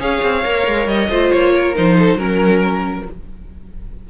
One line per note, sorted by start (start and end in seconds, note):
0.00 0.22 C#4
0.00 0.44 G#4
0.00 1.09 C#5
0.00 0.88 F5
0.23 0.45 C4
0.44 0.67 A#3
0.44 1.10 A#4
0.67 0.87 G#3
0.87 1.09 G3
0.87 1.32 D#5
1.09 1.32 A3
1.09 1.75 F4
1.09 1.53 C5
1.32 1.77 A#3
1.32 1.76 C#5
1.54 1.98 A#4
1.75 2.15 F3
1.75 2.18 D#4
1.75 2.21 C5
1.99 2.18 A4
2.15 3.02 F#3
2.15 3.06 C#4
2.15 3.06 A#4
2.22 3.10 A#4